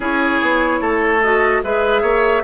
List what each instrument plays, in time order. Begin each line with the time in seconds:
0.00 bassoon C#4, clarinet E4, oboe G#4, flute C#5
0.41 bassoon B3
0.80 bassoon A3, oboe A4
1.22 clarinet F#4, flute D#5
1.63 bassoon G#3, clarinet G#4, oboe B4, flute E5
2.02 bassoon A#3, oboe C#5